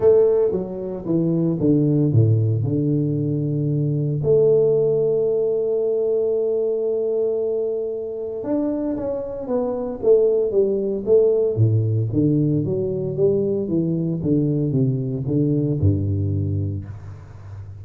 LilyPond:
\new Staff \with { instrumentName = "tuba" } { \time 4/4 \tempo 4 = 114 a4 fis4 e4 d4 | a,4 d2. | a1~ | a1 |
d'4 cis'4 b4 a4 | g4 a4 a,4 d4 | fis4 g4 e4 d4 | c4 d4 g,2 | }